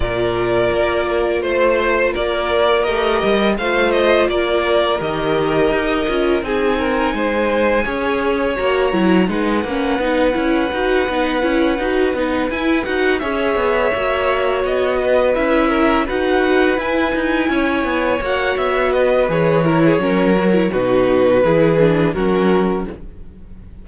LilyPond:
<<
  \new Staff \with { instrumentName = "violin" } { \time 4/4 \tempo 4 = 84 d''2 c''4 d''4 | dis''4 f''8 dis''8 d''4 dis''4~ | dis''4 gis''2. | ais''4 fis''2.~ |
fis''4. gis''8 fis''8 e''4.~ | e''8 dis''4 e''4 fis''4 gis''8~ | gis''4. fis''8 e''8 dis''8 cis''4~ | cis''4 b'2 ais'4 | }
  \new Staff \with { instrumentName = "violin" } { \time 4/4 ais'2 c''4 ais'4~ | ais'4 c''4 ais'2~ | ais'4 gis'8 ais'8 c''4 cis''4~ | cis''4 b'2.~ |
b'2~ b'8 cis''4.~ | cis''4 b'4 ais'8 b'4.~ | b'8 cis''2 b'4 ais'16 gis'16 | ais'4 fis'4 gis'4 fis'4 | }
  \new Staff \with { instrumentName = "viola" } { \time 4/4 f'1 | g'4 f'2 g'4~ | g'8 f'8 dis'2 gis'4 | fis'8 e'8 dis'8 cis'8 dis'8 e'8 fis'8 dis'8 |
e'8 fis'8 dis'8 e'8 fis'8 gis'4 fis'8~ | fis'4. e'4 fis'4 e'8~ | e'4. fis'4. gis'8 e'8 | cis'8 fis'16 e'16 dis'4 e'8 d'8 cis'4 | }
  \new Staff \with { instrumentName = "cello" } { \time 4/4 ais,4 ais4 a4 ais4 | a8 g8 a4 ais4 dis4 | dis'8 cis'8 c'4 gis4 cis'4 | ais8 fis8 gis8 ais8 b8 cis'8 dis'8 b8 |
cis'8 dis'8 b8 e'8 dis'8 cis'8 b8 ais8~ | ais8 b4 cis'4 dis'4 e'8 | dis'8 cis'8 b8 ais8 b4 e4 | fis4 b,4 e4 fis4 | }
>>